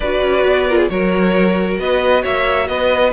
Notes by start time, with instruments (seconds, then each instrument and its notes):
0.00 cello D4, viola F#4, violin B4 D5
0.21 cello C#4
0.44 cello B3
0.67 viola F4, violin A#4
0.77 violin G#4
0.88 cello F#3, viola F#4, violin A#4 C#5
1.78 cello B3, violin B4 D#5
2.22 cello A#3, violin C#5 E5
2.67 cello B3, violin B4 D#5